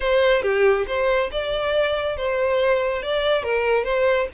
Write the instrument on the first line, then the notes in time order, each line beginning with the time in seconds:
violin
0.00 C5
0.42 G4
0.87 C5
1.31 D5
2.16 C5
3.02 D5
3.43 A#4
3.84 C5